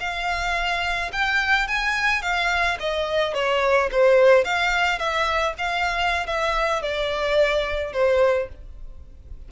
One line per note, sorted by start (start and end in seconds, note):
0.00 1.11 F5
1.12 1.68 G5
1.68 2.22 G#5
2.22 2.78 F5
2.80 3.34 D#5
3.34 3.90 C#5
3.91 4.44 C5
4.44 4.99 F5
4.99 5.54 E5
5.58 6.27 F5
6.27 6.82 E5
6.82 7.93 D5
7.93 8.48 C5